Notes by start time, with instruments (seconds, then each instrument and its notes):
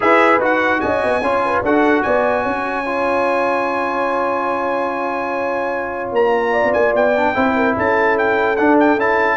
0.00 tuba E4, trombone G#4, horn B4, trumpet E5
0.39 tuba D#4, trombone F#4, trumpet F#5
0.80 tuba C#4, horn D#5, trumpet G#5
1.03 tuba B3
1.20 tuba C#4, trombone F4, horn C#5
1.45 horn B4
1.62 tuba D4, trombone F#4, horn A4, trumpet F#5
2.02 tuba B3, horn D5, trumpet G#5
2.43 tuba C#4, horn C#5
2.85 trombone F4
6.12 tuba A#3, trumpet A#5
6.51 horn D5
6.64 tuba B3
6.73 tuba A#3, trumpet G#5
6.93 tuba B3, trumpet G5
7.16 trombone D4
7.34 tuba C4, trombone E4, horn C5
7.55 horn A#4
7.76 tuba C#4, horn A4, trumpet A5
8.18 trumpet G5
8.56 trombone D4, tuba D4, trumpet F#5
8.79 trumpet G5
8.96 tuba C#4, trombone E4, trumpet A5